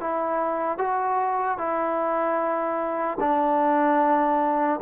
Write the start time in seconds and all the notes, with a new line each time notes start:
0.00 E4
0.78 F#4
1.57 E4
3.20 D4